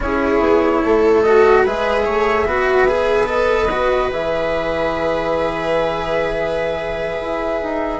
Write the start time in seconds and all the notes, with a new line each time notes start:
0.00 C#4 E4 G#4 C#5
0.39 B3
0.84 A3 A4
1.22 F#4 D#5
1.62 G#3 G#4 B4 E5
2.05 A3 C#5
2.46 B3 F#4 B4
2.87 G#4
3.26 A4 D#5
3.71 F#4
4.10 E3 G#4 E5
7.21 E4
7.62 D#4